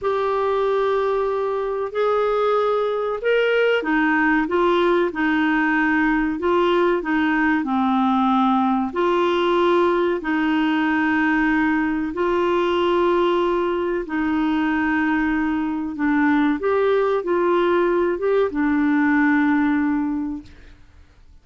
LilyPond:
\new Staff \with { instrumentName = "clarinet" } { \time 4/4 \tempo 4 = 94 g'2. gis'4~ | gis'4 ais'4 dis'4 f'4 | dis'2 f'4 dis'4 | c'2 f'2 |
dis'2. f'4~ | f'2 dis'2~ | dis'4 d'4 g'4 f'4~ | f'8 g'8 d'2. | }